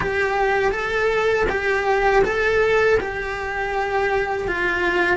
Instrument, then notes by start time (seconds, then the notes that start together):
cello
0.00 G4
0.71 A4
1.49 G4
2.24 A4
3.00 G4
4.47 F4